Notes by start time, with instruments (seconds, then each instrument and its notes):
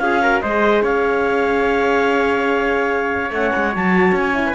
0.00 cello C#4, horn F4, trumpet G#4, clarinet F5
0.23 horn F#4, trumpet A#4
0.42 cello G#3, horn G#4, trumpet C5, clarinet D#5
0.83 cello C#4, trumpet C#5, clarinet F5
3.31 cello A3, horn C#4, clarinet F#5
3.56 cello G#3
3.73 cello F#3, horn F#4, clarinet A5
4.12 cello C#4, clarinet G#5
4.34 horn E4
4.46 trumpet B4